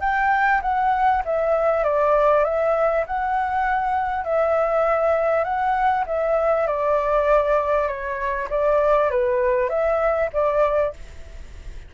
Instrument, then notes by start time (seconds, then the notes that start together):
flute
0.00 G5
0.62 F#5
1.25 E5
1.83 D5
2.44 E5
3.06 F#5
4.24 E5
5.44 F#5
6.06 E5
6.67 D5
7.87 C#5
8.50 D5
9.10 B4
9.69 E5
10.33 D5